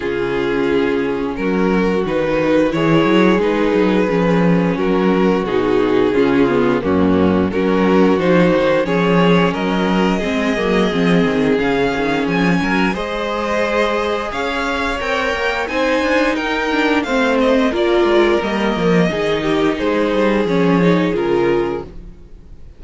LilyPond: <<
  \new Staff \with { instrumentName = "violin" } { \time 4/4 \tempo 4 = 88 gis'2 ais'4 b'4 | cis''4 b'2 ais'4 | gis'2 fis'4 ais'4 | c''4 cis''4 dis''2~ |
dis''4 f''4 gis''4 dis''4~ | dis''4 f''4 g''4 gis''4 | g''4 f''8 dis''8 d''4 dis''4~ | dis''4 c''4 cis''4 ais'4 | }
  \new Staff \with { instrumentName = "violin" } { \time 4/4 f'2 fis'2 | gis'2. fis'4~ | fis'4 f'4 cis'4 fis'4~ | fis'4 gis'4 ais'4 gis'4~ |
gis'2~ gis'8 ais'8 c''4~ | c''4 cis''2 c''4 | ais'4 c''4 ais'2 | gis'8 g'8 gis'2. | }
  \new Staff \with { instrumentName = "viola" } { \time 4/4 cis'2. dis'4 | e'4 dis'4 cis'2 | dis'4 cis'8 b8 ais4 cis'4 | dis'4 cis'2 c'8 ais8 |
c'4 cis'2 gis'4~ | gis'2 ais'4 dis'4~ | dis'8 d'8 c'4 f'4 ais4 | dis'2 cis'8 dis'8 f'4 | }
  \new Staff \with { instrumentName = "cello" } { \time 4/4 cis2 fis4 dis4 | e8 fis8 gis8 fis8 f4 fis4 | b,4 cis4 fis,4 fis4 | f8 dis8 f4 fis4 gis8 fis8 |
f8 dis8 cis8 dis8 f8 fis8 gis4~ | gis4 cis'4 c'8 ais8 c'8 d'8 | dis'4 a4 ais8 gis8 g8 f8 | dis4 gis8 g8 f4 cis4 | }
>>